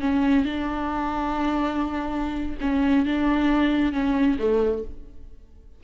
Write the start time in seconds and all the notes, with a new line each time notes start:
0.00 C#4
0.44 D4
2.61 C#4
3.05 D4
3.92 C#4
4.39 A3